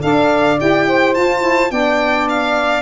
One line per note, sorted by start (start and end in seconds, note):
0.00 0.60 D4
0.00 0.57 A4
0.00 0.87 D5
0.00 0.58 F5
0.58 1.17 E4
0.58 1.15 G4
0.58 1.14 G5
0.87 1.70 C5
1.14 1.39 F4
1.14 1.71 F4
1.14 1.71 A5
1.39 1.68 E4
1.70 2.82 B3
1.70 2.82 D4
1.70 2.82 D5
1.70 2.27 G5
2.29 2.82 F5